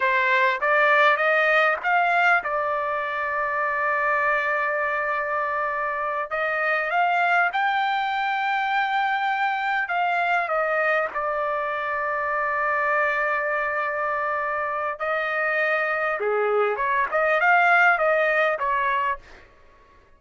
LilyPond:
\new Staff \with { instrumentName = "trumpet" } { \time 4/4 \tempo 4 = 100 c''4 d''4 dis''4 f''4 | d''1~ | d''2~ d''8 dis''4 f''8~ | f''8 g''2.~ g''8~ |
g''8 f''4 dis''4 d''4.~ | d''1~ | d''4 dis''2 gis'4 | cis''8 dis''8 f''4 dis''4 cis''4 | }